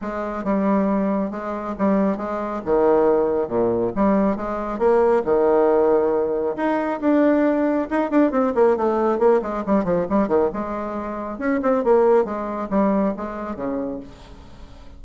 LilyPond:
\new Staff \with { instrumentName = "bassoon" } { \time 4/4 \tempo 4 = 137 gis4 g2 gis4 | g4 gis4 dis2 | ais,4 g4 gis4 ais4 | dis2. dis'4 |
d'2 dis'8 d'8 c'8 ais8 | a4 ais8 gis8 g8 f8 g8 dis8 | gis2 cis'8 c'8 ais4 | gis4 g4 gis4 cis4 | }